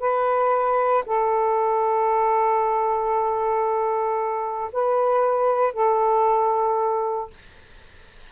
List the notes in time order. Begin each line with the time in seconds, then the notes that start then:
0.00 B4
1.06 A4
4.73 B4
5.74 A4